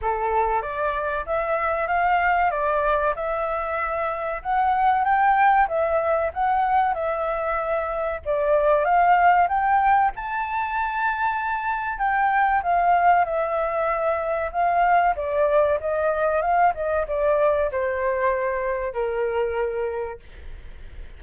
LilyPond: \new Staff \with { instrumentName = "flute" } { \time 4/4 \tempo 4 = 95 a'4 d''4 e''4 f''4 | d''4 e''2 fis''4 | g''4 e''4 fis''4 e''4~ | e''4 d''4 f''4 g''4 |
a''2. g''4 | f''4 e''2 f''4 | d''4 dis''4 f''8 dis''8 d''4 | c''2 ais'2 | }